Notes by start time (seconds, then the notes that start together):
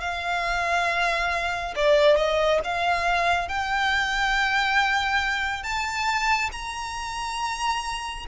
0.00 F5
1.75 D5
2.16 D#5
2.64 F5
3.48 G5
5.63 A5
6.52 A#5